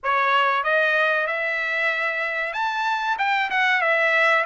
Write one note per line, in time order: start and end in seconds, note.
0.03 0.63 C#5
0.63 1.26 D#5
1.26 2.53 E5
2.53 3.17 A5
3.18 3.50 G5
3.50 3.81 F#5
3.81 4.44 E5